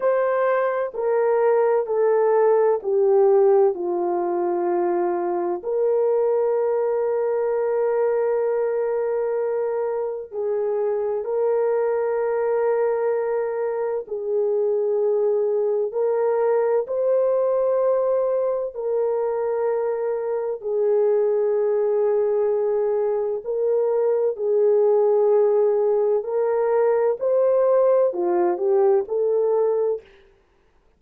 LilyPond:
\new Staff \with { instrumentName = "horn" } { \time 4/4 \tempo 4 = 64 c''4 ais'4 a'4 g'4 | f'2 ais'2~ | ais'2. gis'4 | ais'2. gis'4~ |
gis'4 ais'4 c''2 | ais'2 gis'2~ | gis'4 ais'4 gis'2 | ais'4 c''4 f'8 g'8 a'4 | }